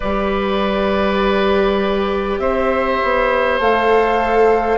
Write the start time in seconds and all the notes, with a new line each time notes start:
0.00 G3 G4 B4 D5
2.38 C4 C5 E5
3.03 B3
3.59 A3 A4 F5